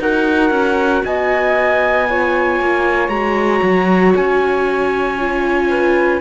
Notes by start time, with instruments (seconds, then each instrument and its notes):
0.00 cello D#4, viola F#4, flute A#4, trumpet F#5
0.51 cello C#4
1.05 cello B3, flute D#5, trumpet G#5
2.09 viola F4, flute C#5
2.60 cello A#3
3.09 cello G#3, viola F#4, trumpet A#5
3.63 cello F#3
4.16 cello C#4, trumpet G#5
5.18 viola F4
5.70 flute B4